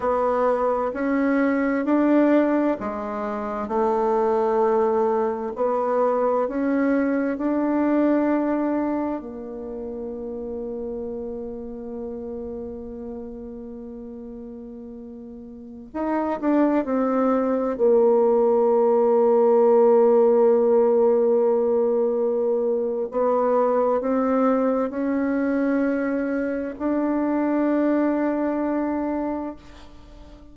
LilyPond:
\new Staff \with { instrumentName = "bassoon" } { \time 4/4 \tempo 4 = 65 b4 cis'4 d'4 gis4 | a2 b4 cis'4 | d'2 ais2~ | ais1~ |
ais4~ ais16 dis'8 d'8 c'4 ais8.~ | ais1~ | ais4 b4 c'4 cis'4~ | cis'4 d'2. | }